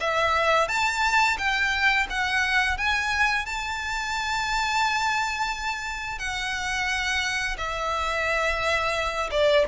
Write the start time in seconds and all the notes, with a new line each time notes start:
0.00 E5
0.68 A5
1.38 G5
2.10 F#5
2.77 G#5
3.46 A5
6.18 F#5
7.58 E5
9.31 D5